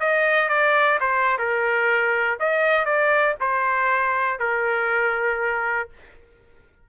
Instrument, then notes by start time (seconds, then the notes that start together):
trumpet
0.00 D#5
0.49 D5
1.00 C5
1.38 A#4
2.40 D#5
2.85 D5
3.40 C5
4.39 A#4